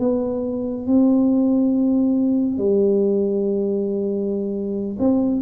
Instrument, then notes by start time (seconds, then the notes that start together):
tuba
0.00 B3
0.87 C4
2.58 G3
5.00 C4